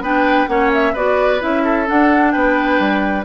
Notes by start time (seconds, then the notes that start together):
0.00 B3 D4 B4 G5
0.47 A#3 C#4 C#5 F#5
0.73 E5
0.93 B3 F#4 B4 D5
1.40 C#4 E4 E5
1.64 A4
1.86 D4 F#5
2.31 B3 B4 G5
2.79 G3